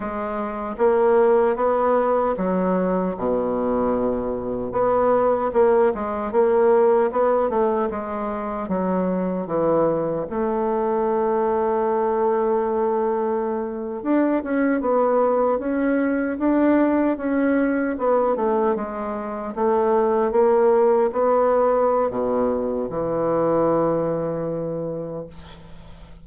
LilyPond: \new Staff \with { instrumentName = "bassoon" } { \time 4/4 \tempo 4 = 76 gis4 ais4 b4 fis4 | b,2 b4 ais8 gis8 | ais4 b8 a8 gis4 fis4 | e4 a2.~ |
a4.~ a16 d'8 cis'8 b4 cis'16~ | cis'8. d'4 cis'4 b8 a8 gis16~ | gis8. a4 ais4 b4~ b16 | b,4 e2. | }